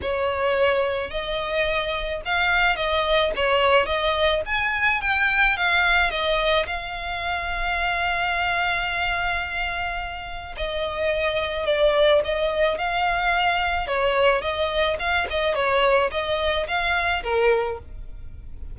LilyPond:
\new Staff \with { instrumentName = "violin" } { \time 4/4 \tempo 4 = 108 cis''2 dis''2 | f''4 dis''4 cis''4 dis''4 | gis''4 g''4 f''4 dis''4 | f''1~ |
f''2. dis''4~ | dis''4 d''4 dis''4 f''4~ | f''4 cis''4 dis''4 f''8 dis''8 | cis''4 dis''4 f''4 ais'4 | }